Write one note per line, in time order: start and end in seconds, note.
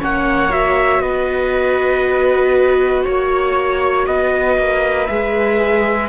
0.00 1.00 A#3
0.00 0.50 C#4
0.00 1.02 C#5
0.00 0.52 F#5
0.50 5.08 F#4
0.50 1.01 E5
1.00 3.03 B3
1.00 3.05 B4
1.00 3.05 D#5
3.05 4.07 A#3
3.05 4.07 C#5
4.07 4.58 B3
4.07 6.10 B4
4.07 5.07 D#5
4.58 5.09 A#3
5.07 6.10 G#3
5.07 6.10 G#4
5.07 6.08 E5